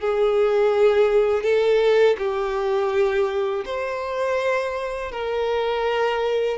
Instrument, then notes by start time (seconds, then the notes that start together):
violin
0.00 G#4
1.43 A4
2.18 G4
3.66 C5
5.12 A#4